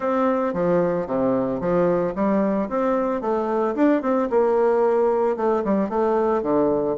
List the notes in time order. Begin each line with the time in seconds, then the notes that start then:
0.00 C4
0.53 F3
1.06 C3
1.60 F3
2.15 G3
2.69 C4
3.21 A3
3.75 D4
4.02 C4
4.30 A#3
5.36 A3
5.64 G3
5.89 A3
6.42 D3